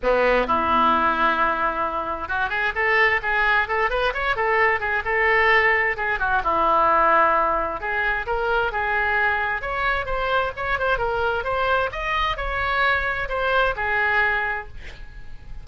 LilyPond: \new Staff \with { instrumentName = "oboe" } { \time 4/4 \tempo 4 = 131 b4 e'2.~ | e'4 fis'8 gis'8 a'4 gis'4 | a'8 b'8 cis''8 a'4 gis'8 a'4~ | a'4 gis'8 fis'8 e'2~ |
e'4 gis'4 ais'4 gis'4~ | gis'4 cis''4 c''4 cis''8 c''8 | ais'4 c''4 dis''4 cis''4~ | cis''4 c''4 gis'2 | }